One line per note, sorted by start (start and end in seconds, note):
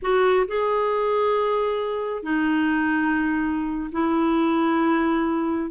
0.02 0.46 F#4
0.47 2.22 G#4
2.22 3.90 D#4
3.92 5.70 E4